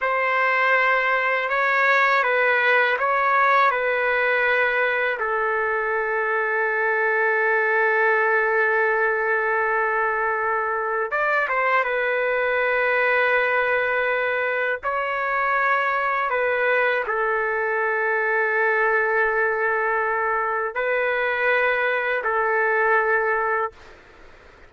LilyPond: \new Staff \with { instrumentName = "trumpet" } { \time 4/4 \tempo 4 = 81 c''2 cis''4 b'4 | cis''4 b'2 a'4~ | a'1~ | a'2. d''8 c''8 |
b'1 | cis''2 b'4 a'4~ | a'1 | b'2 a'2 | }